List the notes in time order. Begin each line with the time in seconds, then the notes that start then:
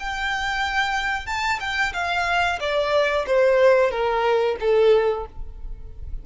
0.00 G5
1.27 A5
1.60 G5
1.94 F5
2.60 D5
3.27 C5
3.91 A#4
4.61 A4